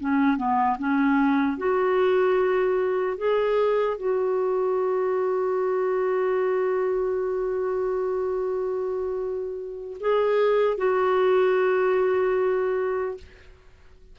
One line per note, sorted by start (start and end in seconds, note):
0.00 0.37 C#4
0.37 0.77 B3
0.79 1.57 C#4
1.57 3.17 F#4
3.17 3.97 G#4
3.97 9.97 F#4
10.00 10.77 G#4
10.77 13.17 F#4